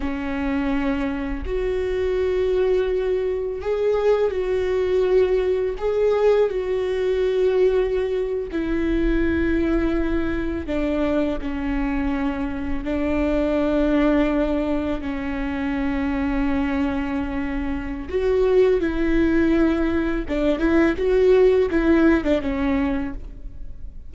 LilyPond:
\new Staff \with { instrumentName = "viola" } { \time 4/4 \tempo 4 = 83 cis'2 fis'2~ | fis'4 gis'4 fis'2 | gis'4 fis'2~ fis'8. e'16~ | e'2~ e'8. d'4 cis'16~ |
cis'4.~ cis'16 d'2~ d'16~ | d'8. cis'2.~ cis'16~ | cis'4 fis'4 e'2 | d'8 e'8 fis'4 e'8. d'16 cis'4 | }